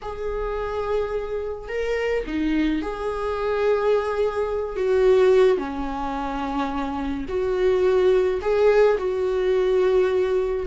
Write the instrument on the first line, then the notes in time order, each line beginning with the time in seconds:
viola
0.02 G#4
1.68 A#4
2.27 D#4
2.82 G#4
4.76 F#4
5.57 C#4
7.28 F#4
8.41 G#4
8.97 F#4